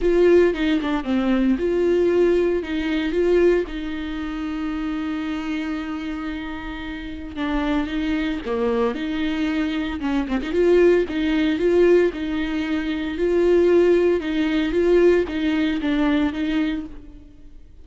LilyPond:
\new Staff \with { instrumentName = "viola" } { \time 4/4 \tempo 4 = 114 f'4 dis'8 d'8 c'4 f'4~ | f'4 dis'4 f'4 dis'4~ | dis'1~ | dis'2 d'4 dis'4 |
ais4 dis'2 cis'8 c'16 dis'16 | f'4 dis'4 f'4 dis'4~ | dis'4 f'2 dis'4 | f'4 dis'4 d'4 dis'4 | }